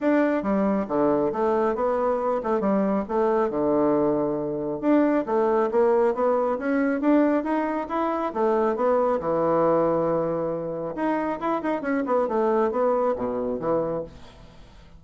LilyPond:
\new Staff \with { instrumentName = "bassoon" } { \time 4/4 \tempo 4 = 137 d'4 g4 d4 a4 | b4. a8 g4 a4 | d2. d'4 | a4 ais4 b4 cis'4 |
d'4 dis'4 e'4 a4 | b4 e2.~ | e4 dis'4 e'8 dis'8 cis'8 b8 | a4 b4 b,4 e4 | }